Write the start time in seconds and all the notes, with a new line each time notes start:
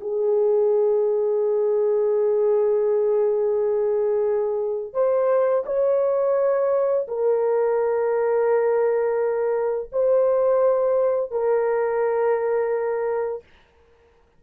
0.00 G#4
4.93 C5
5.65 C#5
7.07 A#4
9.92 C5
11.31 A#4